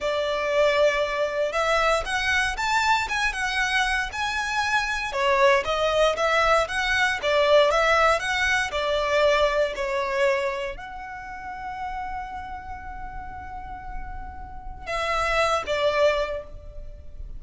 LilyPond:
\new Staff \with { instrumentName = "violin" } { \time 4/4 \tempo 4 = 117 d''2. e''4 | fis''4 a''4 gis''8 fis''4. | gis''2 cis''4 dis''4 | e''4 fis''4 d''4 e''4 |
fis''4 d''2 cis''4~ | cis''4 fis''2.~ | fis''1~ | fis''4 e''4. d''4. | }